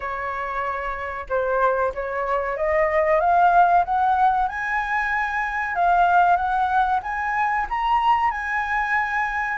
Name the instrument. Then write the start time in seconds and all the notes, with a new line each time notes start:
flute
0.00 C#5
1.29 C5
1.94 C#5
2.56 D#5
3.20 F5
3.84 F#5
4.48 G#5
5.75 F5
6.36 F#5
7.02 G#5
7.69 A#5
8.30 G#5